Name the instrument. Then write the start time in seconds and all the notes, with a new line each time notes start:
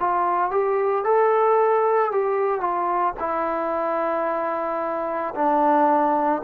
trombone
0.00 F4
0.51 G4
1.05 A4
2.12 G4
2.61 F4
3.20 E4
5.35 D4